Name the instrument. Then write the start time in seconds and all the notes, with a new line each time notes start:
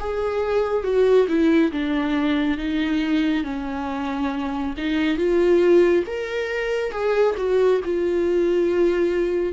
viola
0.00 G#4
0.84 F#4
1.28 E4
1.72 D4
2.58 D#4
3.44 C#4
4.78 D#4
5.17 F4
6.07 A#4
6.92 G#4
7.38 F#4
7.85 F4